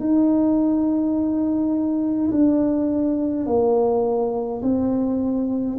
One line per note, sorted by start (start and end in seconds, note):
0.00 2.31 D#4
2.31 3.46 D4
3.46 4.62 A#3
4.62 5.77 C4